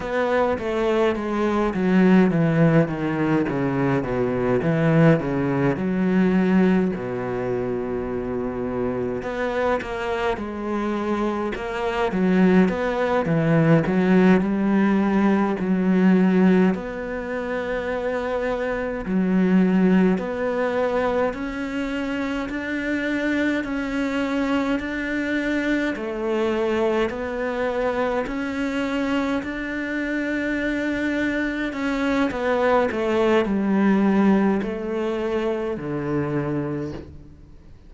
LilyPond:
\new Staff \with { instrumentName = "cello" } { \time 4/4 \tempo 4 = 52 b8 a8 gis8 fis8 e8 dis8 cis8 b,8 | e8 cis8 fis4 b,2 | b8 ais8 gis4 ais8 fis8 b8 e8 | fis8 g4 fis4 b4.~ |
b8 fis4 b4 cis'4 d'8~ | d'8 cis'4 d'4 a4 b8~ | b8 cis'4 d'2 cis'8 | b8 a8 g4 a4 d4 | }